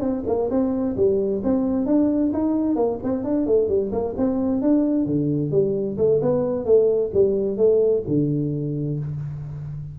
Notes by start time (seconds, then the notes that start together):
0.00 C4
0.26 A#3
0.50 C4
0.96 G3
1.43 C4
1.86 D4
2.33 D#4
2.75 A#3
3.03 C4
3.24 D4
3.46 A3
3.68 G3
3.92 A#3
4.17 C4
4.61 D4
5.05 D3
5.51 G3
5.97 A3
6.21 B3
6.65 A3
7.13 G3
7.57 A3
8.07 D3